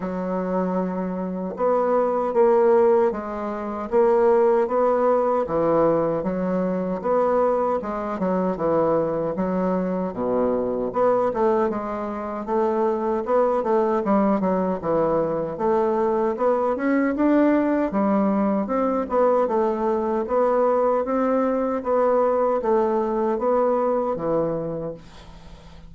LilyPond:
\new Staff \with { instrumentName = "bassoon" } { \time 4/4 \tempo 4 = 77 fis2 b4 ais4 | gis4 ais4 b4 e4 | fis4 b4 gis8 fis8 e4 | fis4 b,4 b8 a8 gis4 |
a4 b8 a8 g8 fis8 e4 | a4 b8 cis'8 d'4 g4 | c'8 b8 a4 b4 c'4 | b4 a4 b4 e4 | }